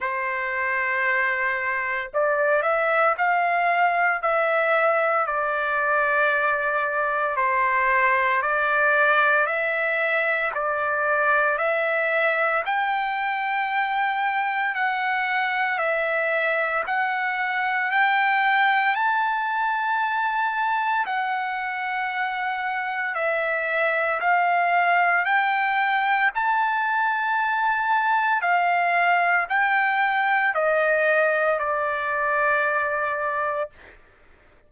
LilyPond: \new Staff \with { instrumentName = "trumpet" } { \time 4/4 \tempo 4 = 57 c''2 d''8 e''8 f''4 | e''4 d''2 c''4 | d''4 e''4 d''4 e''4 | g''2 fis''4 e''4 |
fis''4 g''4 a''2 | fis''2 e''4 f''4 | g''4 a''2 f''4 | g''4 dis''4 d''2 | }